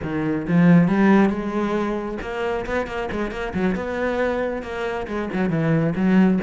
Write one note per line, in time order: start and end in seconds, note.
0.02 0.46 D#3
0.47 0.88 F3
0.88 1.29 G3
1.29 2.18 G#3
2.21 2.65 A#3
2.66 2.87 B3
2.87 3.09 A#3
3.11 3.31 G#3
3.31 3.53 A#3
3.54 3.75 F#3
3.75 4.62 B3
4.62 5.06 A#3
5.07 5.29 G#3
5.33 5.49 F#3
5.49 5.93 E3
5.95 6.39 F#3